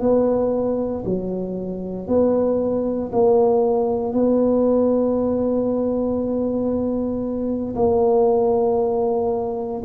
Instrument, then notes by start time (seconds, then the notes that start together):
tuba
0.00 B3
1.05 F#3
2.07 B3
3.12 A#3
4.13 B3
7.75 A#3